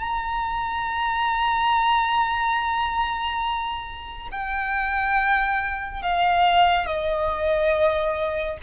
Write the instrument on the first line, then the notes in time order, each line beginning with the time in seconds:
violin
0.00 A#5
4.31 G5
6.02 F5
6.86 D#5